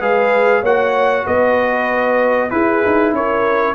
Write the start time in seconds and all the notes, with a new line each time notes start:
0.00 G#3 G#4 B4 F5
0.61 A#3 F#4 C#5 F#5
1.24 B3 B4 D#5
2.50 E4 G#4 B4
2.86 D#4
3.13 C#4 A#4 C#5